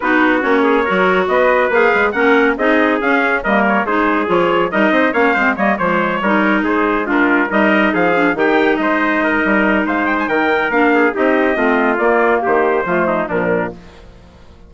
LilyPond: <<
  \new Staff \with { instrumentName = "trumpet" } { \time 4/4 \tempo 4 = 140 b'4 cis''2 dis''4 | f''4 fis''4 dis''4 f''4 | dis''8 cis''8 c''4 cis''4 dis''4 | f''4 dis''8 cis''2 c''8~ |
c''8 ais'4 dis''4 f''4 g''8~ | g''8 dis''2~ dis''8 f''8 g''16 gis''16 | g''4 f''4 dis''2 | d''4 c''2 ais'4 | }
  \new Staff \with { instrumentName = "trumpet" } { \time 4/4 fis'4. gis'8 ais'4 b'4~ | b'4 ais'4 gis'2 | ais'4 gis'2 ais'8 c''8 | cis''8 c''8 cis''8 c''4 ais'4 gis'8~ |
gis'8 f'4 ais'4 gis'4 g'8~ | g'8 c''4 ais'4. c''4 | ais'4. gis'8 g'4 f'4~ | f'4 g'4 f'8 dis'8 d'4 | }
  \new Staff \with { instrumentName = "clarinet" } { \time 4/4 dis'4 cis'4 fis'2 | gis'4 cis'4 dis'4 cis'4 | ais4 dis'4 f'4 dis'4 | cis'8 c'8 ais8 gis4 dis'4.~ |
dis'8 d'4 dis'4. d'8 dis'8~ | dis'1~ | dis'4 d'4 dis'4 c'4 | ais2 a4 f4 | }
  \new Staff \with { instrumentName = "bassoon" } { \time 4/4 b4 ais4 fis4 b4 | ais8 gis8 ais4 c'4 cis'4 | g4 gis4 f4 g8 c'8 | ais8 gis8 g8 f4 g4 gis8~ |
gis4. g4 f4 dis8~ | dis8 gis4. g4 gis4 | dis4 ais4 c'4 a4 | ais4 dis4 f4 ais,4 | }
>>